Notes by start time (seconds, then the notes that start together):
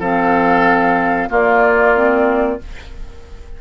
0.00 F3 C4 A4 F5
1.29 A#3 F4 D5
1.94 C4